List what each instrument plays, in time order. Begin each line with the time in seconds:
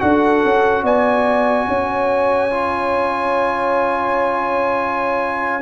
0.00 tuba D4, trombone F#4, horn A4, trumpet F#5
0.45 tuba C#4
0.83 tuba B3, horn D5, trumpet G#5
1.68 tuba C#4, horn C#5
2.51 trombone F4